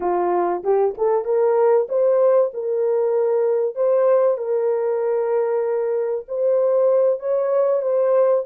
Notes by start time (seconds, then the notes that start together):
0.00 F4
0.63 G4
0.97 A4
1.24 A#4
1.88 C5
2.53 A#4
3.75 C5
4.37 A#4
6.28 C5
7.19 C#5
7.82 C5